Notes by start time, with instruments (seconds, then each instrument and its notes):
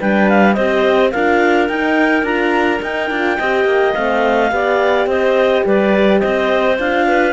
0.00 cello G3, horn D4, clarinet B4 G5
0.29 clarinet F5
0.54 cello C4, horn G4, clarinet C5 D#5
1.11 cello D4, horn F4, clarinet A#4 F5
1.69 cello D#4, horn D#4, clarinet G5
2.24 cello D4, horn F4, clarinet A#5
2.82 horn D#4, cello D#4, clarinet G5
3.11 cello D4, horn F4
3.38 cello C4, horn G4, clarinet D#5
3.65 cello A#3
3.94 cello A3, horn C4, clarinet F5
4.51 cello B3, horn G4, clarinet D5
5.07 cello C4, clarinet C5 D#5
5.66 cello G3, clarinet B4 D5
6.20 cello C4, clarinet C5 D#5
6.79 cello D4, horn F4, clarinet F5
7.08 clarinet B4